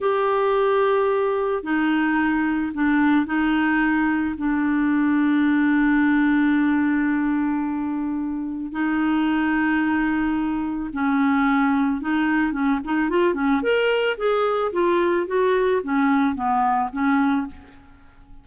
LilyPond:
\new Staff \with { instrumentName = "clarinet" } { \time 4/4 \tempo 4 = 110 g'2. dis'4~ | dis'4 d'4 dis'2 | d'1~ | d'1 |
dis'1 | cis'2 dis'4 cis'8 dis'8 | f'8 cis'8 ais'4 gis'4 f'4 | fis'4 cis'4 b4 cis'4 | }